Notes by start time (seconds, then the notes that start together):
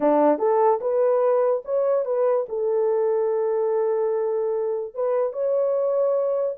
0.00 D4
0.38 A4
0.80 B4
1.64 C#5
2.05 B4
2.48 A4
4.94 B4
5.32 C#5